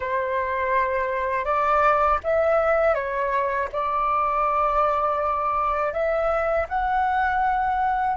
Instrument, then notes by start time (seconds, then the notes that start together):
flute
0.00 C5
1.44 D5
2.23 E5
2.94 C#5
3.72 D5
5.92 E5
6.68 F#5